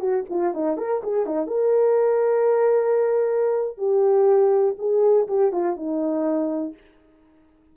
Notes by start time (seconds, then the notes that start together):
0.00 F#4
0.30 F4
0.54 D#4
0.77 A#4
1.03 G#4
1.26 D#4
1.47 A#4
3.78 G4
4.79 G#4
5.28 G4
5.52 F4
5.77 D#4